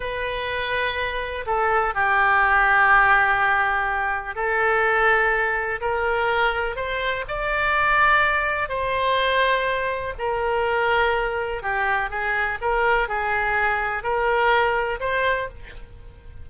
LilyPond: \new Staff \with { instrumentName = "oboe" } { \time 4/4 \tempo 4 = 124 b'2. a'4 | g'1~ | g'4 a'2. | ais'2 c''4 d''4~ |
d''2 c''2~ | c''4 ais'2. | g'4 gis'4 ais'4 gis'4~ | gis'4 ais'2 c''4 | }